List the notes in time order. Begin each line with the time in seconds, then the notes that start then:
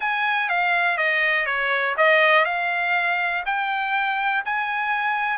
0.00 G#5
0.49 F5
0.97 D#5
1.46 C#5
1.97 D#5
2.45 F5
3.45 G5
4.45 G#5